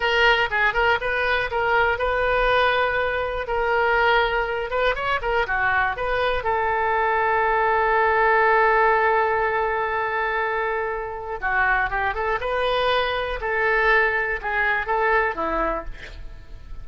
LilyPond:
\new Staff \with { instrumentName = "oboe" } { \time 4/4 \tempo 4 = 121 ais'4 gis'8 ais'8 b'4 ais'4 | b'2. ais'4~ | ais'4. b'8 cis''8 ais'8 fis'4 | b'4 a'2.~ |
a'1~ | a'2. fis'4 | g'8 a'8 b'2 a'4~ | a'4 gis'4 a'4 e'4 | }